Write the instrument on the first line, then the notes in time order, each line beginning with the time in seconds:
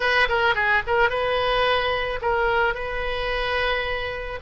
oboe
0.00 B4
0.28 A#4
0.55 G#4
0.86 A#4
1.09 B4
2.21 A#4
2.74 B4